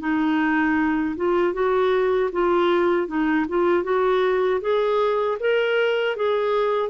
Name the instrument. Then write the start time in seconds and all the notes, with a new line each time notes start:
clarinet
0.00 D#4
1.16 F4
1.53 F#4
2.33 F4
3.08 D#4
3.49 F4
3.84 F#4
4.61 G#4
5.40 A#4
6.16 G#4